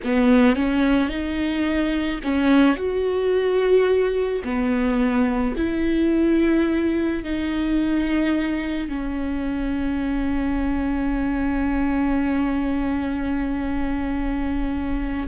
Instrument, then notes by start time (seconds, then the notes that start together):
viola
0.04 B3
0.55 C#4
1.08 D#4
2.23 C#4
2.75 F#4
4.43 B3
5.57 E4
7.23 D#4
8.88 C#4